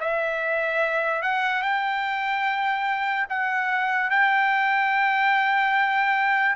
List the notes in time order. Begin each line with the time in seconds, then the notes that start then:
0.00 E5
1.22 F#5
1.62 G5
3.29 F#5
4.10 G5